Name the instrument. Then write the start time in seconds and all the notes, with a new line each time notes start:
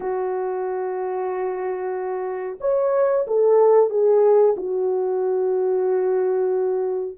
horn
0.00 F#4
2.60 C#5
3.27 A4
3.90 G#4
4.57 F#4